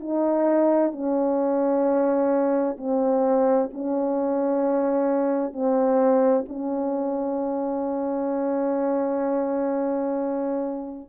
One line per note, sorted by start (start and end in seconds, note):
0.00 0.92 D#4
0.92 2.77 C#4
2.77 3.70 C4
3.73 5.53 C#4
5.53 6.45 C4
6.48 11.09 C#4